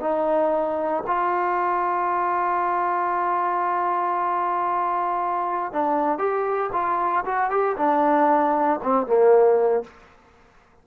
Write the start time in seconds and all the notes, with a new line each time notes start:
0.00 D#4
1.07 F4
5.72 D4
6.18 G4
6.72 F4
7.25 F#4
7.50 G4
7.77 D4
8.83 C4
9.06 A#3